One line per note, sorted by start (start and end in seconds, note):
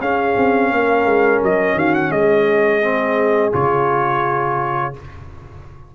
0.00 0.35 C#4
0.00 2.82 C#4
0.00 0.71 G#4
0.00 1.42 F5
0.36 0.71 C4
0.71 1.05 A#3
0.71 1.76 A#4
1.05 1.40 G#3
1.42 1.74 F#3
1.42 1.79 D#5
1.74 2.09 D#3
1.74 2.11 F#4
1.74 1.94 F5
1.94 2.11 F#5
2.11 3.52 G#3
2.11 4.93 G#4
2.11 3.52 D#5
2.82 3.52 C4
3.52 4.95 C#3
3.52 4.93 F4
3.52 4.94 C#5